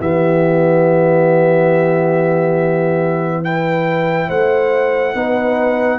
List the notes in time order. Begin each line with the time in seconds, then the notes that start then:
0.00 E3 B3 G4 E5
3.44 E4 B4 G5
4.28 A3 C5 F#5
5.14 B3 D#4 B4